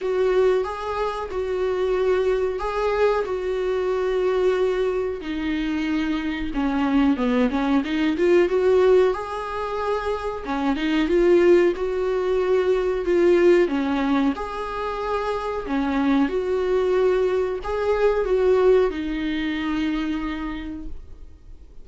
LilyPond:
\new Staff \with { instrumentName = "viola" } { \time 4/4 \tempo 4 = 92 fis'4 gis'4 fis'2 | gis'4 fis'2. | dis'2 cis'4 b8 cis'8 | dis'8 f'8 fis'4 gis'2 |
cis'8 dis'8 f'4 fis'2 | f'4 cis'4 gis'2 | cis'4 fis'2 gis'4 | fis'4 dis'2. | }